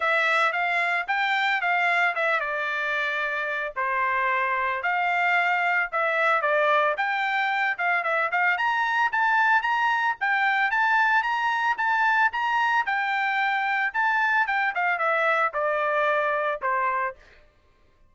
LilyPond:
\new Staff \with { instrumentName = "trumpet" } { \time 4/4 \tempo 4 = 112 e''4 f''4 g''4 f''4 | e''8 d''2~ d''8 c''4~ | c''4 f''2 e''4 | d''4 g''4. f''8 e''8 f''8 |
ais''4 a''4 ais''4 g''4 | a''4 ais''4 a''4 ais''4 | g''2 a''4 g''8 f''8 | e''4 d''2 c''4 | }